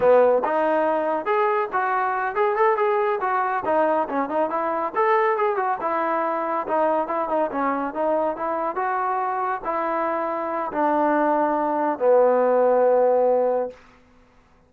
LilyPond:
\new Staff \with { instrumentName = "trombone" } { \time 4/4 \tempo 4 = 140 b4 dis'2 gis'4 | fis'4. gis'8 a'8 gis'4 fis'8~ | fis'8 dis'4 cis'8 dis'8 e'4 a'8~ | a'8 gis'8 fis'8 e'2 dis'8~ |
dis'8 e'8 dis'8 cis'4 dis'4 e'8~ | e'8 fis'2 e'4.~ | e'4 d'2. | b1 | }